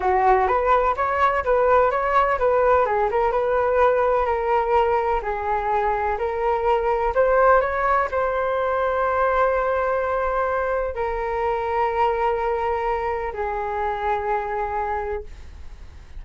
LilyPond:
\new Staff \with { instrumentName = "flute" } { \time 4/4 \tempo 4 = 126 fis'4 b'4 cis''4 b'4 | cis''4 b'4 gis'8 ais'8 b'4~ | b'4 ais'2 gis'4~ | gis'4 ais'2 c''4 |
cis''4 c''2.~ | c''2. ais'4~ | ais'1 | gis'1 | }